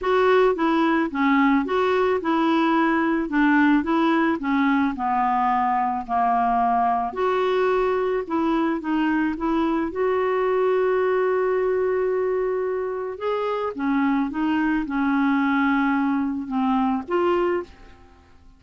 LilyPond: \new Staff \with { instrumentName = "clarinet" } { \time 4/4 \tempo 4 = 109 fis'4 e'4 cis'4 fis'4 | e'2 d'4 e'4 | cis'4 b2 ais4~ | ais4 fis'2 e'4 |
dis'4 e'4 fis'2~ | fis'1 | gis'4 cis'4 dis'4 cis'4~ | cis'2 c'4 f'4 | }